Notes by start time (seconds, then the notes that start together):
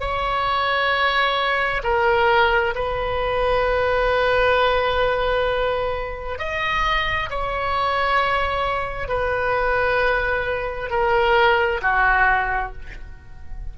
0.00 C#5
1.83 A#4
2.75 B4
6.38 D#5
7.30 C#5
9.08 B4
10.90 A#4
11.82 F#4